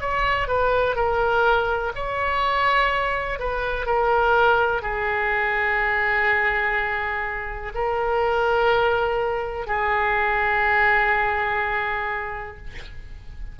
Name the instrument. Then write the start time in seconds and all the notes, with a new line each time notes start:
oboe
0.00 C#5
0.47 B4
0.95 A#4
1.94 C#5
3.39 B4
3.86 A#4
4.82 G#4
7.74 A#4
9.66 G#4